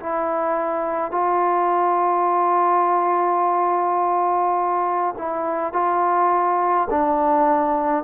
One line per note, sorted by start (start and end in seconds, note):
0.00 1.11 E4
1.11 5.15 F4
5.18 5.73 E4
5.73 6.88 F4
6.91 8.04 D4